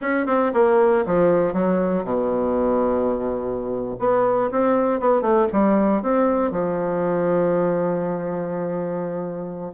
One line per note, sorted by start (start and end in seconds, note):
0.01 0.26 C#4
0.26 0.52 C4
0.53 1.04 A#3
1.06 1.53 F3
1.53 2.03 F#3
2.03 3.96 B2
3.99 4.50 B3
4.51 5.00 C4
5.00 5.21 B3
5.21 5.47 A3
5.52 6.02 G3
6.02 6.51 C4
6.51 9.72 F3